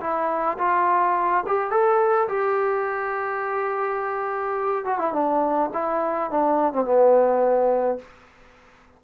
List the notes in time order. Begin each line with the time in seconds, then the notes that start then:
0.00 E4
0.58 F4
1.46 G4
1.71 A4
2.28 G4
4.85 F#4
4.99 E4
5.13 D4
5.73 E4
6.30 D4
6.73 C4
6.84 B3